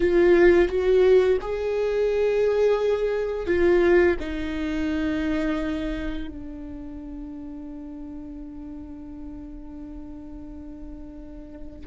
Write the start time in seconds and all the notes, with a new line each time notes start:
0.00 F4
0.68 F#4
1.41 G#4
3.46 F4
4.19 D#4
6.28 D4